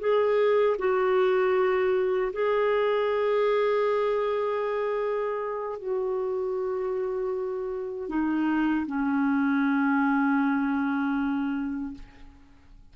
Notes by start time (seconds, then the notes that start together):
0.00 G#4
0.78 F#4
2.33 G#4
5.79 F#4
8.09 D#4
8.86 C#4